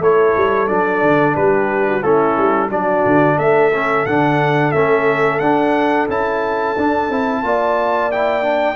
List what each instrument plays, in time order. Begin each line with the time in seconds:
0.00 tuba A3, trombone E4, horn A4, trumpet C#5
0.37 tuba G3
0.68 tuba F#3, trombone D4, trumpet D5
1.02 tuba D3
1.36 tuba G3, horn G4, trumpet B4
1.88 horn F#4
2.03 tuba A3, trombone C#4, horn E4, trumpet A4
2.37 tuba G3
2.70 tuba F#3, trombone D4, horn F#4, trumpet D5
3.06 tuba D3
3.37 tuba A3, horn A4, trumpet E5
3.74 trombone C#4
4.06 tuba D3, trombone D4, trumpet F#5
4.72 tuba A3, trombone C#4, trumpet E5
5.39 tuba D4, trombone D4, trumpet F#5
6.09 tuba C#4, trombone E4, trumpet A5
6.77 tuba D4, trombone D4
7.09 tuba C4, trombone E4
7.43 tuba A#3, trombone F4, horn D5
8.12 trombone E4, trumpet G5
8.43 trombone D4